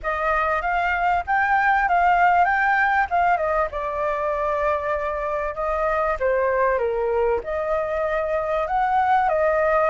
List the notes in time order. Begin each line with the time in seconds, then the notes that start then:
0.02 D#5
0.61 F5
1.26 G5
1.88 F5
2.45 G5
3.09 F5
3.37 D#5
3.71 D5
5.54 D#5
6.19 C5
6.78 A#4
7.43 D#5
8.67 F#5
9.28 D#5